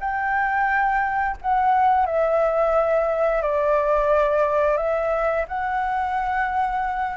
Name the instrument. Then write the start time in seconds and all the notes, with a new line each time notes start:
flute
0.00 G5
1.42 F#5
2.06 E5
3.42 D5
4.77 E5
5.48 F#5